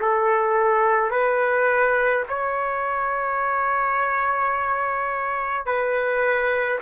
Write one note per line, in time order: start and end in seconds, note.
0.00 1.11 A4
1.11 2.24 B4
2.29 5.66 C#5
5.66 6.79 B4